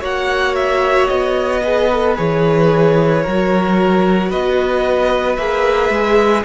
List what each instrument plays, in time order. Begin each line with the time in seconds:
0.00 cello A#3, viola F#4, violin C#5 F#5
0.55 violin E5
1.07 cello B3, violin D#5
1.63 viola G#4, violin B4
1.92 viola A4
2.16 cello E3, viola G#4, violin C#5
3.22 cello F#3, viola F#4, violin A#4
4.29 cello B3, violin B4 D#5
5.36 cello A#3, viola G#4, violin E5
5.90 cello G#3